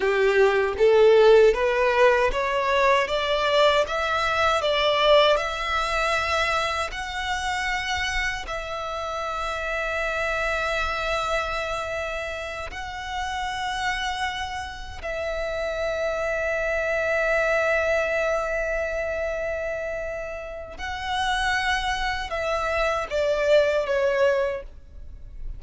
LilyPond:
\new Staff \with { instrumentName = "violin" } { \time 4/4 \tempo 4 = 78 g'4 a'4 b'4 cis''4 | d''4 e''4 d''4 e''4~ | e''4 fis''2 e''4~ | e''1~ |
e''8 fis''2. e''8~ | e''1~ | e''2. fis''4~ | fis''4 e''4 d''4 cis''4 | }